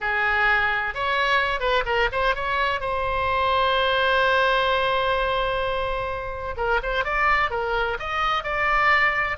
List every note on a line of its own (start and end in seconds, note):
0.00 0.94 G#4
0.94 1.60 C#5
1.60 1.83 B4
1.85 2.09 A#4
2.11 2.35 C5
2.35 2.80 C#5
2.80 6.55 C5
6.56 6.80 A#4
6.82 7.04 C5
7.04 7.50 D5
7.50 7.97 A#4
7.99 8.43 D#5
8.43 9.37 D5